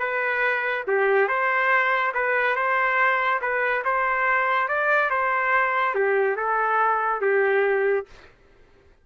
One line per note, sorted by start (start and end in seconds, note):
0.00 0.85 B4
0.88 1.29 G4
1.29 2.13 C5
2.14 2.56 B4
2.56 3.41 C5
3.42 3.84 B4
3.85 4.69 C5
4.69 5.11 D5
5.11 5.95 C5
5.95 6.37 G4
6.37 7.21 A4
7.22 8.06 G4